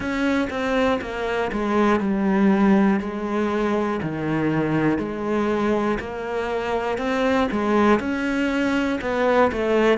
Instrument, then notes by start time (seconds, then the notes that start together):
cello
0.00 C#4
0.50 C4
1.00 A#3
1.52 G#3
2.00 G3
3.00 G#3
4.02 D#3
4.98 G#3
5.99 A#3
6.97 C4
7.51 G#3
8.00 C#4
9.00 B3
9.51 A3